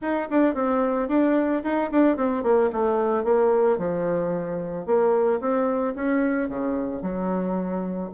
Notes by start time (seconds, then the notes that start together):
0.01 D#4
0.30 D4
0.54 C4
1.08 D4
1.63 D#4
1.91 D4
2.16 C4
2.43 A#3
2.72 A3
3.23 A#3
3.77 F3
4.86 A#3
5.40 C4
5.95 C#4
6.48 C#3
7.02 F#3